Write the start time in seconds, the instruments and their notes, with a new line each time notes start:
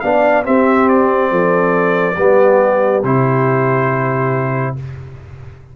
0.00 tuba B3, trombone D4, horn D5, trumpet F5
0.44 trombone C4, tuba C4, horn G4, trumpet E5
0.89 trumpet D5
1.31 tuba F3, horn A4
2.16 tuba G3, trombone B3, horn G4
3.03 tuba C3, trombone E4, trumpet C5